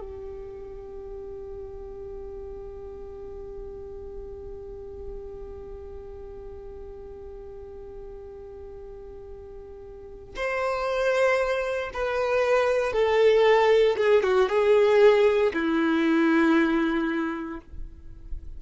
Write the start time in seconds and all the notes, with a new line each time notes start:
0.00 G4
10.35 C5
11.93 B4
12.93 A4
13.97 G#4
14.23 F#4
14.49 G#4
15.53 E4